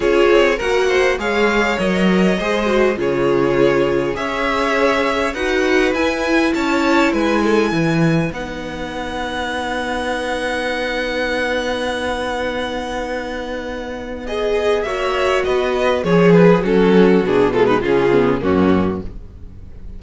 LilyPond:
<<
  \new Staff \with { instrumentName = "violin" } { \time 4/4 \tempo 4 = 101 cis''4 fis''4 f''4 dis''4~ | dis''4 cis''2 e''4~ | e''4 fis''4 gis''4 a''4 | gis''2 fis''2~ |
fis''1~ | fis''1 | dis''4 e''4 dis''4 cis''8 b'8 | a'4 gis'8 a'16 b'16 gis'4 fis'4 | }
  \new Staff \with { instrumentName = "violin" } { \time 4/4 gis'4 ais'8 c''8 cis''2 | c''4 gis'2 cis''4~ | cis''4 b'2 cis''4 | b'8 a'8 b'2.~ |
b'1~ | b'1~ | b'4 cis''4 b'4 gis'4 | fis'4. f'16 dis'16 f'4 cis'4 | }
  \new Staff \with { instrumentName = "viola" } { \time 4/4 f'4 fis'4 gis'4 ais'4 | gis'8 fis'8 f'2 gis'4~ | gis'4 fis'4 e'2~ | e'2 dis'2~ |
dis'1~ | dis'1 | gis'4 fis'2 gis'4 | cis'4 d'8 gis8 cis'8 b8 ais4 | }
  \new Staff \with { instrumentName = "cello" } { \time 4/4 cis'8 c'8 ais4 gis4 fis4 | gis4 cis2 cis'4~ | cis'4 dis'4 e'4 cis'4 | gis4 e4 b2~ |
b1~ | b1~ | b4 ais4 b4 f4 | fis4 b,4 cis4 fis,4 | }
>>